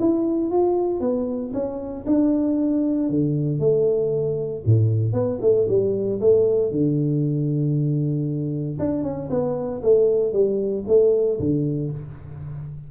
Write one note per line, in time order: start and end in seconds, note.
0.00 0.51 E4
0.51 1.00 F4
1.00 1.52 B3
1.53 2.05 C#4
2.06 3.10 D4
3.10 3.60 D3
3.60 4.63 A3
4.66 5.13 A2
5.13 5.39 B3
5.41 5.67 A3
5.68 6.20 G3
6.21 6.71 A3
6.71 8.78 D3
8.79 9.03 D4
9.03 9.29 C#4
9.30 9.82 B3
9.83 10.33 A3
10.33 10.85 G3
10.87 11.39 A3
11.39 11.91 D3